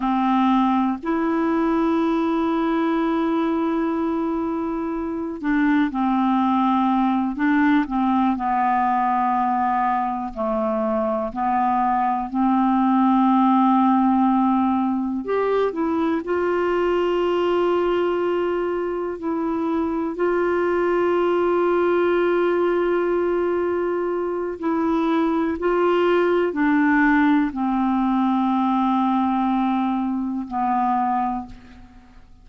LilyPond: \new Staff \with { instrumentName = "clarinet" } { \time 4/4 \tempo 4 = 61 c'4 e'2.~ | e'4. d'8 c'4. d'8 | c'8 b2 a4 b8~ | b8 c'2. g'8 |
e'8 f'2. e'8~ | e'8 f'2.~ f'8~ | f'4 e'4 f'4 d'4 | c'2. b4 | }